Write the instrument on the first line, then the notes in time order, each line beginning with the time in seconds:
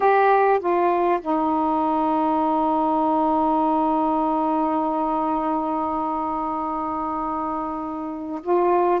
saxophone
0.00 G4
0.59 F4
1.21 D#4
8.42 F4